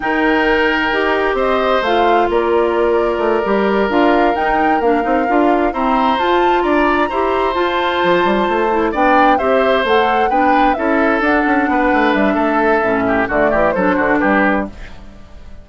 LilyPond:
<<
  \new Staff \with { instrumentName = "flute" } { \time 4/4 \tempo 4 = 131 g''2. dis''4 | f''4 d''2.~ | d''8 f''4 g''4 f''4.~ | f''8 ais''4 a''4 ais''4.~ |
ais''8 a''2. g''8~ | g''8 e''4 fis''4 g''4 e''8~ | e''8 fis''2 e''4.~ | e''4 d''4 c''4 b'4 | }
  \new Staff \with { instrumentName = "oboe" } { \time 4/4 ais'2. c''4~ | c''4 ais'2.~ | ais'1~ | ais'8 c''2 d''4 c''8~ |
c''2.~ c''8 d''8~ | d''8 c''2 b'4 a'8~ | a'4. b'4. a'4~ | a'8 g'8 fis'8 g'8 a'8 fis'8 g'4 | }
  \new Staff \with { instrumentName = "clarinet" } { \time 4/4 dis'2 g'2 | f'2.~ f'8 g'8~ | g'8 f'4 dis'4 d'8 dis'8 f'8~ | f'8 c'4 f'2 g'8~ |
g'8 f'2~ f'8 e'8 d'8~ | d'8 g'4 a'4 d'4 e'8~ | e'8 d'2.~ d'8 | cis'4 a4 d'2 | }
  \new Staff \with { instrumentName = "bassoon" } { \time 4/4 dis2 dis'4 c'4 | a4 ais2 a8 g8~ | g8 d'4 dis'4 ais8 c'8 d'8~ | d'8 e'4 f'4 d'4 e'8~ |
e'8 f'4 f8 g8 a4 b8~ | b8 c'4 a4 b4 cis'8~ | cis'8 d'8 cis'8 b8 a8 g8 a4 | a,4 d8 e8 fis8 d8 g4 | }
>>